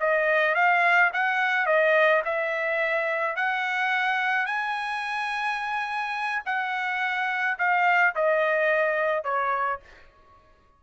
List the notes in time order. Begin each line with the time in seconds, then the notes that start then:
0.00 D#5
0.55 F5
1.13 F#5
1.66 D#5
2.25 E5
3.36 F#5
4.46 G#5
6.46 F#5
7.59 F5
8.16 D#5
9.24 C#5